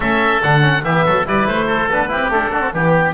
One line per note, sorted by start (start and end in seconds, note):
0.00 0.42 A3
0.00 0.42 C#4
0.00 0.82 A4
0.00 0.42 E5
0.42 0.83 D3
0.42 0.61 D4
0.42 0.84 F#5
0.61 0.82 C#4
0.83 1.04 E3
0.83 1.25 B3
0.83 1.05 G4
0.83 1.26 E5
1.05 1.26 F#3
1.05 1.26 A4
1.25 1.47 G3
1.25 1.88 E4
1.25 1.66 B4
1.25 1.47 D5
1.47 1.89 A3
1.47 1.89 C5
1.66 2.08 A4
1.89 2.10 B3
1.89 2.08 D4
1.89 2.32 B4
2.08 2.32 C4
2.08 2.28 E4
2.08 2.51 G4
2.28 2.49 A3
2.28 2.73 D4
2.28 2.74 A4
2.51 2.60 D4
2.51 2.72 F#4
2.60 2.71 C4
2.73 3.14 E3
2.73 3.14 B3
2.73 3.14 G4